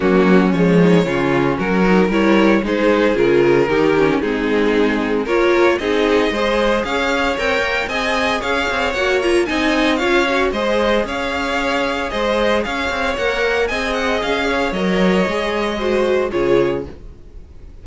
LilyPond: <<
  \new Staff \with { instrumentName = "violin" } { \time 4/4 \tempo 4 = 114 fis'4 cis''2 ais'4 | cis''4 c''4 ais'2 | gis'2 cis''4 dis''4~ | dis''4 f''4 g''4 gis''4 |
f''4 fis''8 ais''8 gis''4 f''4 | dis''4 f''2 dis''4 | f''4 fis''4 gis''8 fis''8 f''4 | dis''2. cis''4 | }
  \new Staff \with { instrumentName = "violin" } { \time 4/4 cis'4. dis'8 f'4 fis'4 | ais'4 gis'2 g'4 | dis'2 ais'4 gis'4 | c''4 cis''2 dis''4 |
cis''2 dis''4 cis''4 | c''4 cis''2 c''4 | cis''2 dis''4. cis''8~ | cis''2 c''4 gis'4 | }
  \new Staff \with { instrumentName = "viola" } { \time 4/4 ais4 gis4 cis'4. dis'8 | e'4 dis'4 f'4 dis'8 cis'8 | c'2 f'4 dis'4 | gis'2 ais'4 gis'4~ |
gis'4 fis'8 f'8 dis'4 f'8 fis'8 | gis'1~ | gis'4 ais'4 gis'2 | ais'4 gis'4 fis'4 f'4 | }
  \new Staff \with { instrumentName = "cello" } { \time 4/4 fis4 f4 cis4 fis4 | g4 gis4 cis4 dis4 | gis2 ais4 c'4 | gis4 cis'4 c'8 ais8 c'4 |
cis'8 c'8 ais4 c'4 cis'4 | gis4 cis'2 gis4 | cis'8 c'8 ais4 c'4 cis'4 | fis4 gis2 cis4 | }
>>